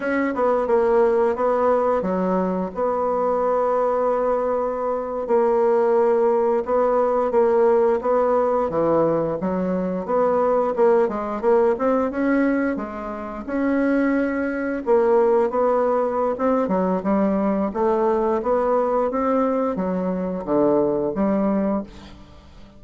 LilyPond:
\new Staff \with { instrumentName = "bassoon" } { \time 4/4 \tempo 4 = 88 cis'8 b8 ais4 b4 fis4 | b2.~ b8. ais16~ | ais4.~ ais16 b4 ais4 b16~ | b8. e4 fis4 b4 ais16~ |
ais16 gis8 ais8 c'8 cis'4 gis4 cis'16~ | cis'4.~ cis'16 ais4 b4~ b16 | c'8 fis8 g4 a4 b4 | c'4 fis4 d4 g4 | }